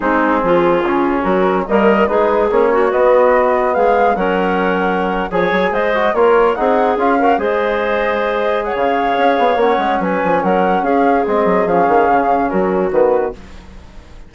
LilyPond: <<
  \new Staff \with { instrumentName = "flute" } { \time 4/4 \tempo 4 = 144 gis'2. ais'4 | dis''4 b'4 cis''4 dis''4~ | dis''4 f''4 fis''2~ | fis''8. gis''4 dis''4 cis''4 fis''16~ |
fis''8. f''4 dis''2~ dis''16~ | dis''8. fis''16 f''2 fis''4 | gis''4 fis''4 f''4 dis''4 | f''2 ais'4 b'4 | }
  \new Staff \with { instrumentName = "clarinet" } { \time 4/4 dis'4 f'2 fis'4 | ais'4 gis'4. fis'4.~ | fis'4 gis'4 ais'2~ | ais'8. cis''4 c''4 ais'4 gis'16~ |
gis'4~ gis'16 ais'8 c''2~ c''16~ | c''8. cis''2.~ cis''16 | b'4 ais'4 gis'2~ | gis'2 fis'2 | }
  \new Staff \with { instrumentName = "trombone" } { \time 4/4 c'2 cis'2 | ais4 dis'4 cis'4 b4~ | b2 cis'2~ | cis'8. gis'4. fis'8 f'4 dis'16~ |
dis'8. f'8 fis'8 gis'2~ gis'16~ | gis'2. cis'4~ | cis'2. c'4 | cis'2. b4 | }
  \new Staff \with { instrumentName = "bassoon" } { \time 4/4 gis4 f4 cis4 fis4 | g4 gis4 ais4 b4~ | b4 gis4 fis2~ | fis8. f8 fis8 gis4 ais4 c'16~ |
c'8. cis'4 gis2~ gis16~ | gis4 cis4 cis'8 b8 ais8 gis8 | fis8 f8 fis4 cis'4 gis8 fis8 | f8 dis8 cis4 fis4 dis4 | }
>>